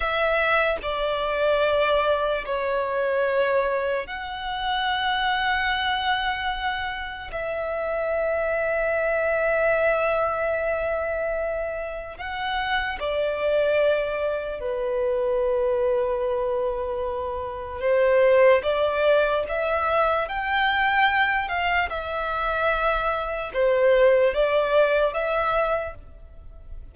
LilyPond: \new Staff \with { instrumentName = "violin" } { \time 4/4 \tempo 4 = 74 e''4 d''2 cis''4~ | cis''4 fis''2.~ | fis''4 e''2.~ | e''2. fis''4 |
d''2 b'2~ | b'2 c''4 d''4 | e''4 g''4. f''8 e''4~ | e''4 c''4 d''4 e''4 | }